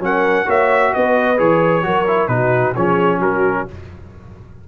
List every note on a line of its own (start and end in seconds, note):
0.00 0.45 F#3
0.00 0.46 C#4
0.00 0.47 A#4
0.00 0.50 F#5
0.46 0.93 A#3
0.46 1.37 F#4
0.46 0.93 C#5
0.46 0.94 E5
0.94 1.40 B3
0.94 1.86 B4
0.94 1.39 D#5
1.37 1.84 E3
1.37 1.83 G#4
1.37 2.28 C#5
1.83 2.28 F#3
1.83 2.05 F#4
1.83 2.31 A#4
2.08 2.29 E4
2.28 2.73 B2
2.28 2.75 D#4
2.28 2.77 F#4
2.28 2.74 B4
2.75 3.20 F3
2.75 3.68 C#4
2.75 3.20 G#4
2.75 3.21 C#5
3.20 3.66 F#3
3.20 3.65 F#4
3.20 3.68 A#4